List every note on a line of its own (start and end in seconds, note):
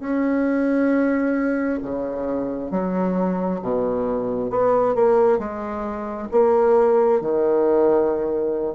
0.00 1.79 C#4
1.82 2.71 C#3
2.71 3.60 F#3
3.61 4.50 B2
4.50 4.95 B3
4.95 5.39 A#3
5.39 6.28 G#3
6.31 7.21 A#3
7.21 8.75 D#3